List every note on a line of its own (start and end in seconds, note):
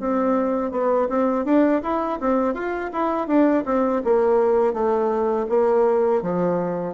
0.00 0.72 C4
0.72 1.08 B3
1.09 1.45 C4
1.45 1.82 D4
1.83 2.19 E4
2.20 2.54 C4
2.54 2.91 F4
2.92 3.27 E4
3.27 3.64 D4
3.66 4.02 C4
4.04 4.73 A#3
4.73 5.46 A3
5.49 6.22 A#3
6.22 6.94 F3